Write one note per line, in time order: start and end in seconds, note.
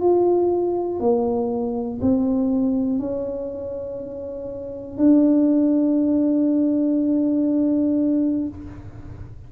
0.00 1.00 F4
1.00 2.00 A#3
2.01 2.99 C4
2.99 4.98 C#4
4.98 8.48 D4